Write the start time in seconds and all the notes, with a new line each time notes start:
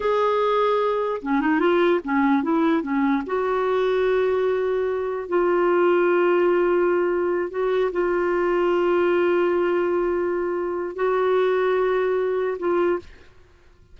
0.00 G#4
1.21 C#4
1.40 D#4
1.59 F4
2.04 C#4
2.43 E4
2.82 C#4
3.26 F#4
5.28 F4
7.50 F#4
7.91 F4
10.95 F#4
12.58 F4